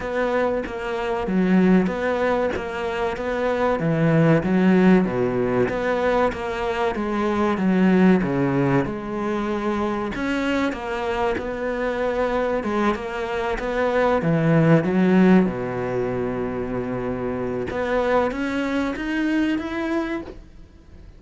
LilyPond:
\new Staff \with { instrumentName = "cello" } { \time 4/4 \tempo 4 = 95 b4 ais4 fis4 b4 | ais4 b4 e4 fis4 | b,4 b4 ais4 gis4 | fis4 cis4 gis2 |
cis'4 ais4 b2 | gis8 ais4 b4 e4 fis8~ | fis8 b,2.~ b,8 | b4 cis'4 dis'4 e'4 | }